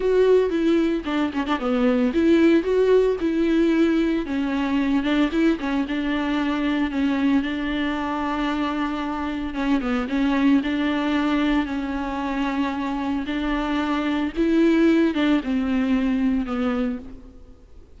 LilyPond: \new Staff \with { instrumentName = "viola" } { \time 4/4 \tempo 4 = 113 fis'4 e'4 d'8 cis'16 d'16 b4 | e'4 fis'4 e'2 | cis'4. d'8 e'8 cis'8 d'4~ | d'4 cis'4 d'2~ |
d'2 cis'8 b8 cis'4 | d'2 cis'2~ | cis'4 d'2 e'4~ | e'8 d'8 c'2 b4 | }